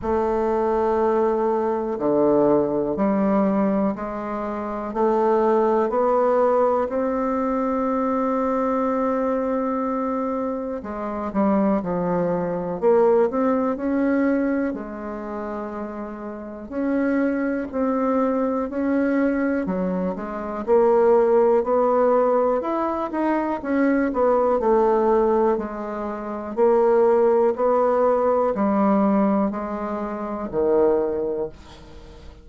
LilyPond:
\new Staff \with { instrumentName = "bassoon" } { \time 4/4 \tempo 4 = 61 a2 d4 g4 | gis4 a4 b4 c'4~ | c'2. gis8 g8 | f4 ais8 c'8 cis'4 gis4~ |
gis4 cis'4 c'4 cis'4 | fis8 gis8 ais4 b4 e'8 dis'8 | cis'8 b8 a4 gis4 ais4 | b4 g4 gis4 dis4 | }